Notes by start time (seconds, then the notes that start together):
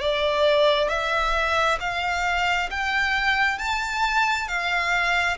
0.00 D5
0.88 E5
1.80 F5
2.70 G5
3.58 A5
4.47 F5